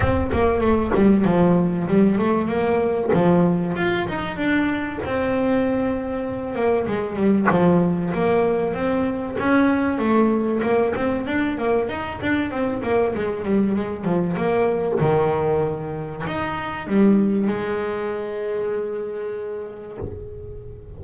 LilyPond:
\new Staff \with { instrumentName = "double bass" } { \time 4/4 \tempo 4 = 96 c'8 ais8 a8 g8 f4 g8 a8 | ais4 f4 f'8 dis'8 d'4 | c'2~ c'8 ais8 gis8 g8 | f4 ais4 c'4 cis'4 |
a4 ais8 c'8 d'8 ais8 dis'8 d'8 | c'8 ais8 gis8 g8 gis8 f8 ais4 | dis2 dis'4 g4 | gis1 | }